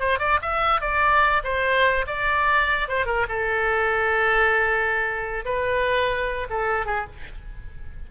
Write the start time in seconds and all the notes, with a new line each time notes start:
0.00 C5
0.19 D5
0.42 E5
0.81 D5
1.44 C5
2.07 D5
2.88 C5
3.06 A#4
3.29 A4
5.45 B4
6.50 A4
6.86 G#4